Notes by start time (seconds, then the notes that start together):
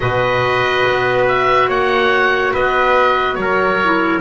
0.00 B2 F#4 B4 D#5
0.86 B3
1.27 E5
1.67 A#3 C#5 F#5
2.52 B3 B4 D#5
3.35 F#3 A#4 C#5
3.84 E4